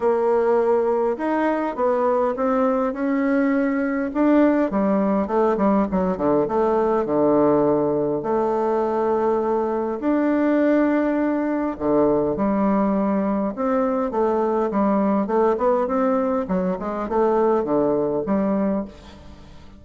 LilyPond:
\new Staff \with { instrumentName = "bassoon" } { \time 4/4 \tempo 4 = 102 ais2 dis'4 b4 | c'4 cis'2 d'4 | g4 a8 g8 fis8 d8 a4 | d2 a2~ |
a4 d'2. | d4 g2 c'4 | a4 g4 a8 b8 c'4 | fis8 gis8 a4 d4 g4 | }